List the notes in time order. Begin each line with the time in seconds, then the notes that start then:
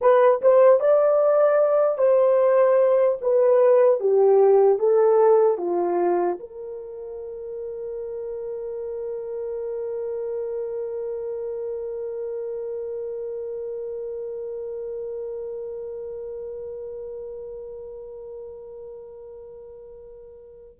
0.01 B4
0.41 C5
0.80 D5
1.98 C5
3.21 B4
4.00 G4
4.79 A4
5.57 F4
6.39 A#4